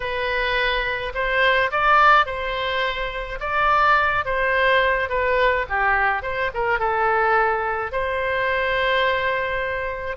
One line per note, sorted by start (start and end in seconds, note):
0.00 1.12 B4
1.14 1.71 C5
1.71 2.26 D5
2.26 3.39 C5
3.40 4.25 D5
4.25 5.09 C5
5.09 5.66 B4
5.69 6.22 G4
6.22 6.50 C5
6.54 6.79 A#4
6.79 7.91 A4
7.91 10.16 C5